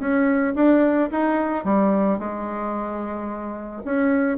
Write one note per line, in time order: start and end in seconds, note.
0.00 0.55 C#4
0.56 1.10 D4
1.12 1.65 D#4
1.65 2.19 G3
2.19 3.83 G#3
3.86 4.38 C#4